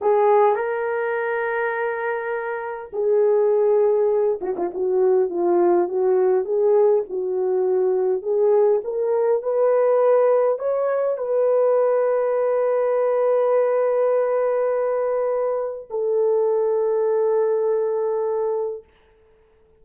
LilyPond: \new Staff \with { instrumentName = "horn" } { \time 4/4 \tempo 4 = 102 gis'4 ais'2.~ | ais'4 gis'2~ gis'8 fis'16 f'16 | fis'4 f'4 fis'4 gis'4 | fis'2 gis'4 ais'4 |
b'2 cis''4 b'4~ | b'1~ | b'2. a'4~ | a'1 | }